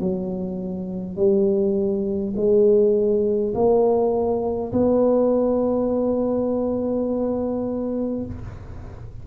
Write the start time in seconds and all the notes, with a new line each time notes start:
0.00 F#3
1.17 G3
2.36 G#3
3.55 A#3
4.72 B3